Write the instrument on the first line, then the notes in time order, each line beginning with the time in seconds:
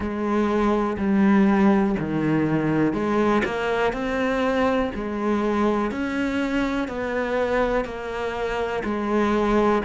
cello
0.00 G#3
0.97 G3
1.99 D#3
2.92 G#3
3.44 A#3
3.93 C4
4.94 G#3
5.91 C#4
6.88 B3
7.84 A#3
8.83 G#3